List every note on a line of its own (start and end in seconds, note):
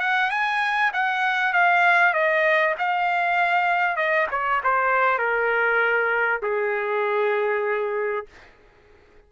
0.00 0.30 F#5
0.30 0.92 G#5
0.94 1.53 F#5
1.53 2.14 F5
2.14 2.75 D#5
2.78 3.96 F5
3.96 4.27 D#5
4.31 4.61 C#5
4.63 5.18 C5
5.18 6.41 A#4
6.42 8.26 G#4